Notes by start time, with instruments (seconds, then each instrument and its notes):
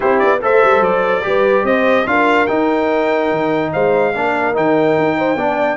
0.00 tuba C4, trombone E4, horn G4, trumpet C5
0.19 tuba B3, trumpet D5
0.41 tuba A3, trombone A4, horn C5, trumpet E5
0.63 tuba G3
0.80 tuba F#3, trumpet D5
1.22 tuba G3, trombone G4, horn B4
1.63 tuba C4, horn C5, trumpet D#5
2.06 tuba D4, trombone F4, horn A#4, trumpet F5
2.47 trombone D#4, tuba D#4, trumpet G5
3.31 tuba D#3
3.73 tuba G#3, horn C5, trumpet F5
4.14 tuba A#3, trombone D4, horn A#4
4.54 tuba D#3, trombone D#4, trumpet G5
4.97 tuba D#4
5.17 horn C5
5.35 tuba B3, trombone D4, horn D5